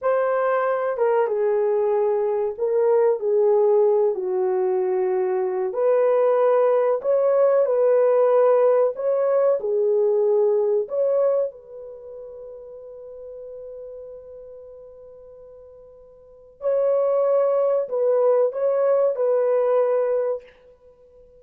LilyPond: \new Staff \with { instrumentName = "horn" } { \time 4/4 \tempo 4 = 94 c''4. ais'8 gis'2 | ais'4 gis'4. fis'4.~ | fis'4 b'2 cis''4 | b'2 cis''4 gis'4~ |
gis'4 cis''4 b'2~ | b'1~ | b'2 cis''2 | b'4 cis''4 b'2 | }